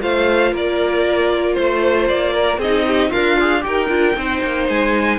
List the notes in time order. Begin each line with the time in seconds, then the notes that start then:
0.00 A3 F4 C5 F5
0.52 A#3 A#4 D5
1.53 A3 C5
2.08 A#3 D5
2.33 A#4
2.57 C4 D#4 G#4 D#5
2.86 G4
3.09 D4 F4 A#4 F5
3.40 G#4
3.60 D#4 G4 A#4 G5
3.88 D4 F4
4.16 C4 D#4 C5
4.43 A#3
4.68 G#3 G#5